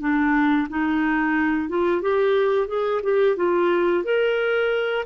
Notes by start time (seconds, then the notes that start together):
0.00 D4
0.69 D#4
1.69 F4
2.01 G4
2.67 G#4
3.03 G4
3.36 F4
4.04 A#4